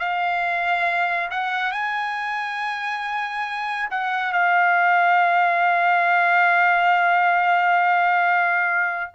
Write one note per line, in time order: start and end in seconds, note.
0.00 1.30 F5
1.31 1.72 F#5
1.72 3.90 G#5
3.91 4.33 F#5
4.33 9.11 F5